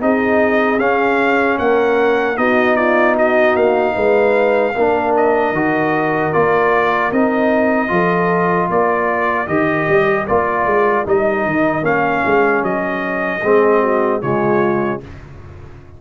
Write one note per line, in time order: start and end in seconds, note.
0.00 0.78 C4
0.00 0.79 D#4
0.00 1.60 G#4
0.00 0.79 D#5
0.78 1.57 C#4
0.78 2.37 C#4
0.78 1.58 F5
1.59 2.37 A#3
1.59 2.39 A#4
1.59 2.37 F#5
2.37 3.56 B3
2.37 4.73 D#4
2.37 2.77 F#4
2.37 2.76 D#5
2.76 3.14 F4
2.76 3.15 D5
3.14 3.93 F#4
3.14 3.56 D#5
3.56 3.95 A#3
3.56 5.14 F5
3.95 4.75 G#3
3.95 4.74 B4
4.75 5.53 A#3
4.75 5.55 D4
4.75 7.91 A#4
5.16 6.33 D#5
5.53 6.32 D#3
5.53 6.33 F#4
6.33 7.12 A#3
6.33 7.12 F4
6.33 7.12 D5
7.12 7.91 C4
7.12 7.88 D#4
7.12 8.70 D#5
7.88 8.70 F3
7.88 9.46 F4
7.88 8.69 A4
8.69 9.48 A#3
8.69 13.42 A#4
8.69 9.47 D5
9.47 9.87 D#3
9.47 10.25 G4
9.47 10.26 D#5
9.88 10.28 G3
10.27 10.66 A#3
10.27 11.05 F4
10.27 11.06 D5
10.66 11.05 G#3
11.05 11.46 G3
11.05 11.82 D#4
11.05 11.85 D#5
11.46 11.83 D#3
11.82 12.22 A#3
11.82 13.40 C#4
11.82 12.64 F5
12.26 12.63 G#3
12.63 13.42 F#3
12.63 14.22 D#5
13.42 14.22 G#3
13.42 14.22 C4
13.42 13.81 G#4
13.81 14.21 F#4
14.22 15.01 C#3
14.22 15.01 G#3
14.22 15.01 F4
14.22 15.01 C#5